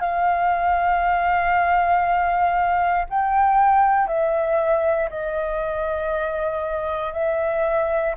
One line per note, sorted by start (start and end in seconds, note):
0.00 3.05 F5
3.09 4.07 G5
4.07 5.09 E5
5.09 7.13 D#5
7.13 8.14 E5